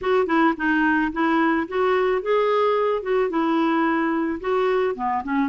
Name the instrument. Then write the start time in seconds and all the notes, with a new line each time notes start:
clarinet
0.01 F#4
0.26 E4
0.57 D#4
1.12 E4
1.68 F#4
2.22 G#4
3.02 F#4
3.29 E4
4.40 F#4
4.95 B3
5.23 C#4